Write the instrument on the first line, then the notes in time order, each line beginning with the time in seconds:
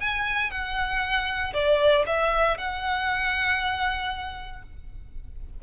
violin
0.00 G#5
0.51 F#5
1.54 D5
2.07 E5
2.58 F#5